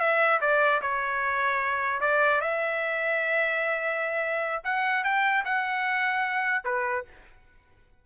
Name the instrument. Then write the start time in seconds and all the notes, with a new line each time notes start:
trumpet
0.00 E5
0.41 D5
0.82 C#5
2.01 D5
2.41 E5
4.64 F#5
5.04 G5
5.45 F#5
6.65 B4